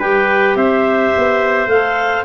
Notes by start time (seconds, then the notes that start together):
0.00 G3 G4 B4 G5
0.56 C4 C5 E5
1.18 B3
1.67 A3 A4 F5